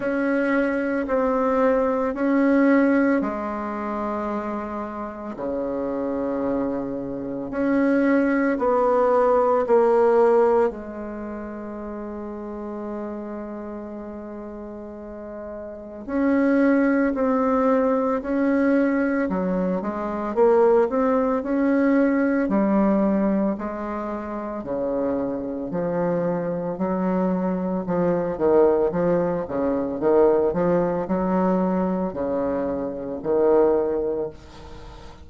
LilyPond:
\new Staff \with { instrumentName = "bassoon" } { \time 4/4 \tempo 4 = 56 cis'4 c'4 cis'4 gis4~ | gis4 cis2 cis'4 | b4 ais4 gis2~ | gis2. cis'4 |
c'4 cis'4 fis8 gis8 ais8 c'8 | cis'4 g4 gis4 cis4 | f4 fis4 f8 dis8 f8 cis8 | dis8 f8 fis4 cis4 dis4 | }